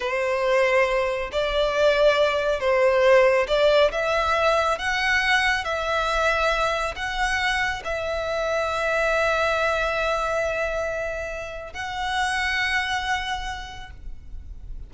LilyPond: \new Staff \with { instrumentName = "violin" } { \time 4/4 \tempo 4 = 138 c''2. d''4~ | d''2 c''2 | d''4 e''2 fis''4~ | fis''4 e''2. |
fis''2 e''2~ | e''1~ | e''2. fis''4~ | fis''1 | }